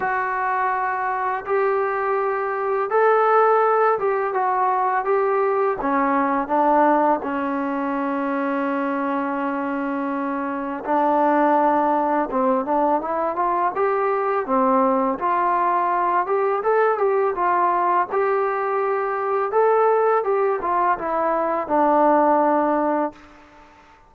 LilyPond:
\new Staff \with { instrumentName = "trombone" } { \time 4/4 \tempo 4 = 83 fis'2 g'2 | a'4. g'8 fis'4 g'4 | cis'4 d'4 cis'2~ | cis'2. d'4~ |
d'4 c'8 d'8 e'8 f'8 g'4 | c'4 f'4. g'8 a'8 g'8 | f'4 g'2 a'4 | g'8 f'8 e'4 d'2 | }